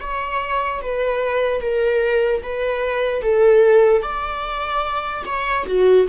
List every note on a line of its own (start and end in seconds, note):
0.00 0.81 C#5
0.81 1.61 B4
1.61 2.42 A#4
2.43 3.22 B4
3.22 4.02 A4
4.02 5.24 D5
5.26 5.66 C#5
5.66 6.07 F#4